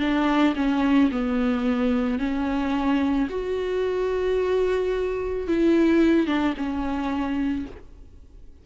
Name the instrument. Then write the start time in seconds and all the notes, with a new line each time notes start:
viola
0.00 D4
0.56 C#4
1.12 B3
2.19 C#4
3.30 F#4
5.48 E4
6.27 D4
6.57 C#4